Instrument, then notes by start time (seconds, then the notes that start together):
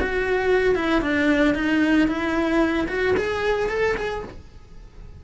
cello
0.00 F#4
0.75 E4
1.02 D4
1.55 D#4
2.08 E4
2.88 F#4
3.17 G#4
3.69 A4
3.97 G#4